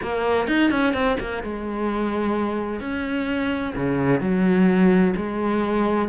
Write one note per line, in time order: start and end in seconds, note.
0.02 0.47 A#3
0.47 0.70 D#4
0.70 0.93 C#4
0.93 1.17 C4
1.20 1.43 A#3
1.43 2.80 G#3
2.80 3.74 C#4
3.75 4.20 C#3
4.20 5.14 F#3
5.16 6.08 G#3